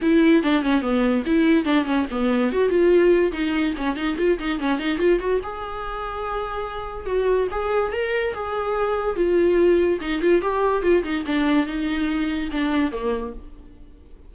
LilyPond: \new Staff \with { instrumentName = "viola" } { \time 4/4 \tempo 4 = 144 e'4 d'8 cis'8 b4 e'4 | d'8 cis'8 b4 fis'8 f'4. | dis'4 cis'8 dis'8 f'8 dis'8 cis'8 dis'8 | f'8 fis'8 gis'2.~ |
gis'4 fis'4 gis'4 ais'4 | gis'2 f'2 | dis'8 f'8 g'4 f'8 dis'8 d'4 | dis'2 d'4 ais4 | }